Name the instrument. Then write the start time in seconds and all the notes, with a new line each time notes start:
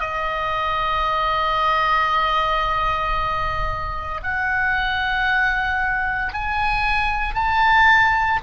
oboe
0.00 D#5
4.23 F#5
6.33 G#5
7.35 A5